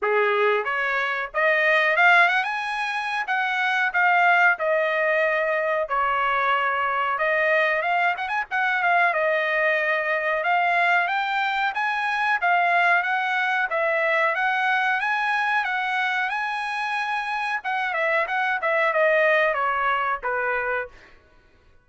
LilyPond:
\new Staff \with { instrumentName = "trumpet" } { \time 4/4 \tempo 4 = 92 gis'4 cis''4 dis''4 f''8 fis''16 gis''16~ | gis''4 fis''4 f''4 dis''4~ | dis''4 cis''2 dis''4 | f''8 fis''16 gis''16 fis''8 f''8 dis''2 |
f''4 g''4 gis''4 f''4 | fis''4 e''4 fis''4 gis''4 | fis''4 gis''2 fis''8 e''8 | fis''8 e''8 dis''4 cis''4 b'4 | }